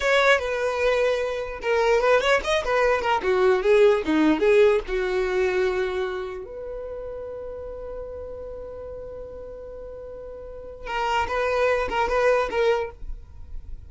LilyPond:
\new Staff \with { instrumentName = "violin" } { \time 4/4 \tempo 4 = 149 cis''4 b'2. | ais'4 b'8 cis''8 dis''8 b'4 ais'8 | fis'4 gis'4 dis'4 gis'4 | fis'1 |
b'1~ | b'1~ | b'2. ais'4 | b'4. ais'8 b'4 ais'4 | }